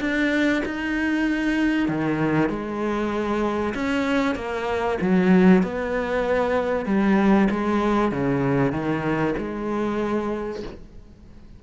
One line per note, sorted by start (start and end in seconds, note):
0.00 0.62 D4
0.65 1.88 D#4
1.88 2.49 D#3
2.49 3.74 G#3
3.74 4.35 C#4
4.35 4.98 A#3
5.01 5.63 F#3
5.63 6.86 B3
6.86 7.48 G3
7.50 8.12 G#3
8.12 8.72 C#3
8.72 9.34 D#3
9.38 10.63 G#3